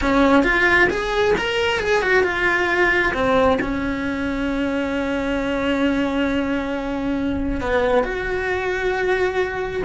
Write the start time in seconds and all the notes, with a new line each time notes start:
0.01 C#4
0.43 F4
0.89 G#4
1.37 A#4
1.79 G#4
2.01 F#4
2.23 F4
3.13 C4
3.61 C#4
7.61 B3
8.03 F#4